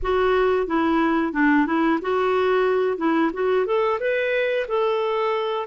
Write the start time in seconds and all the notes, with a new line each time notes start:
0.02 F#4
0.66 E4
1.32 D4
1.66 E4
2.02 F#4
2.97 E4
3.33 F#4
3.66 A4
3.99 B4
4.68 A4